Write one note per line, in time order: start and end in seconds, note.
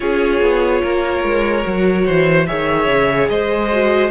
0.00 0.41 C#4
0.00 1.62 F4
0.00 0.82 G#4
0.00 2.46 C#5
0.41 0.82 B3
0.82 1.23 A#3
0.82 2.05 A#4
1.23 1.64 G#3
1.62 2.07 F#3
1.62 2.45 F#4
2.06 2.49 E3
2.06 2.47 C5
2.46 2.87 D#3
2.46 3.70 G#4
2.46 3.30 C#5
2.46 3.28 E5
2.87 3.28 C#3
3.28 4.11 G#3
3.28 4.11 C5
3.28 4.11 D#5
3.71 4.11 F#4